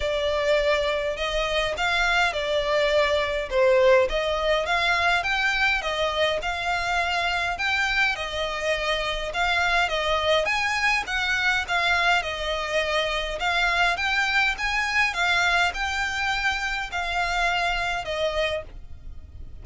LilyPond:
\new Staff \with { instrumentName = "violin" } { \time 4/4 \tempo 4 = 103 d''2 dis''4 f''4 | d''2 c''4 dis''4 | f''4 g''4 dis''4 f''4~ | f''4 g''4 dis''2 |
f''4 dis''4 gis''4 fis''4 | f''4 dis''2 f''4 | g''4 gis''4 f''4 g''4~ | g''4 f''2 dis''4 | }